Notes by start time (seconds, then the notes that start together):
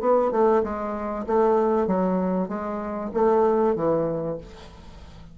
0.00 B3
0.31 A3
0.63 G#3
1.26 A3
1.87 F#3
2.48 G#3
3.14 A3
3.75 E3